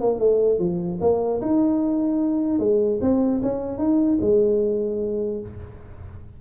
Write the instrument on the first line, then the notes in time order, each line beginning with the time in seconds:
tuba
0.00 A#3
0.19 A3
0.58 F3
1.00 A#3
1.41 D#4
2.59 G#3
3.01 C4
3.42 C#4
3.78 D#4
4.21 G#3